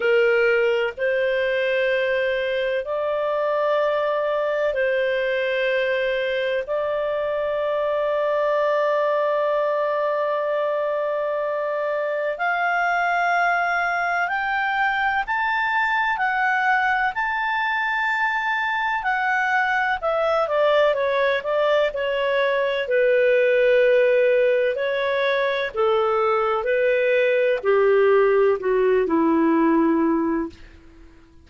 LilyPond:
\new Staff \with { instrumentName = "clarinet" } { \time 4/4 \tempo 4 = 63 ais'4 c''2 d''4~ | d''4 c''2 d''4~ | d''1~ | d''4 f''2 g''4 |
a''4 fis''4 a''2 | fis''4 e''8 d''8 cis''8 d''8 cis''4 | b'2 cis''4 a'4 | b'4 g'4 fis'8 e'4. | }